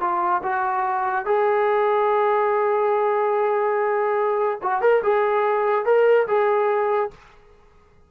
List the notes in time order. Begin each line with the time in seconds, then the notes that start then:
0.00 F4
0.43 F#4
1.25 G#4
4.62 F#4
4.81 A#4
5.03 G#4
5.85 A#4
6.27 G#4